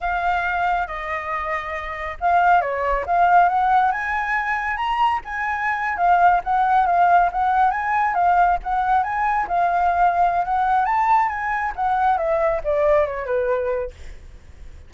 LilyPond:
\new Staff \with { instrumentName = "flute" } { \time 4/4 \tempo 4 = 138 f''2 dis''2~ | dis''4 f''4 cis''4 f''4 | fis''4 gis''2 ais''4 | gis''4.~ gis''16 f''4 fis''4 f''16~ |
f''8. fis''4 gis''4 f''4 fis''16~ | fis''8. gis''4 f''2~ f''16 | fis''4 a''4 gis''4 fis''4 | e''4 d''4 cis''8 b'4. | }